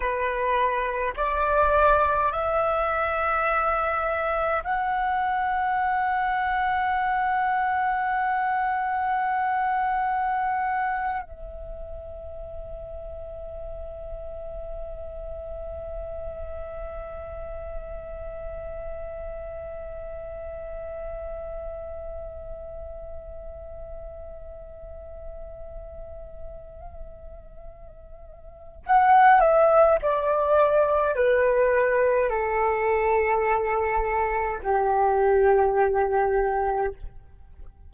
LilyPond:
\new Staff \with { instrumentName = "flute" } { \time 4/4 \tempo 4 = 52 b'4 d''4 e''2 | fis''1~ | fis''4.~ fis''16 e''2~ e''16~ | e''1~ |
e''1~ | e''1~ | e''4 fis''8 e''8 d''4 b'4 | a'2 g'2 | }